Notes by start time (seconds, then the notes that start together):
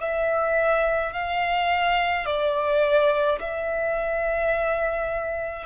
0.00 E5
1.13 F5
2.26 D5
3.40 E5